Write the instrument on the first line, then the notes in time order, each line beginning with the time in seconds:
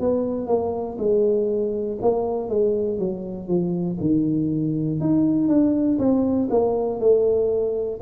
tuba
0.00 B3
0.47 A#3
0.98 G#3
2.02 A#3
2.49 G#3
2.99 F#3
3.48 F3
4.00 D#3
5.00 D#4
5.49 D4
5.99 C4
6.50 A#3
7.00 A3